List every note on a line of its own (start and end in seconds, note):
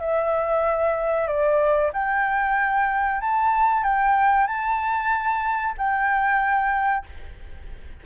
0.00 1.27 E5
1.27 1.91 D5
1.93 3.21 G5
3.21 3.83 A5
3.83 4.47 G5
4.47 5.74 A5
5.78 7.06 G5